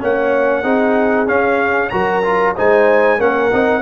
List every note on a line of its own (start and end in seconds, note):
0.00 0.63 A#3
0.00 0.64 C#4
0.00 0.63 C#5
0.00 1.28 F#5
0.63 1.27 C4
0.63 1.27 D#4
0.63 1.91 G#4
1.27 1.91 C#4
1.27 1.92 C#4
1.27 1.89 F5
1.89 2.57 F#3
1.89 2.23 F#4
1.89 2.56 A#4
1.89 2.53 A#5
2.24 2.55 F4
2.56 3.20 G#3
2.56 3.19 D#4
2.56 3.18 C5
2.56 3.21 G#5
3.18 3.52 A#3
3.18 3.51 C#4
3.18 3.82 A#4
3.18 3.82 F#5
3.53 3.82 C4
3.53 3.82 D#4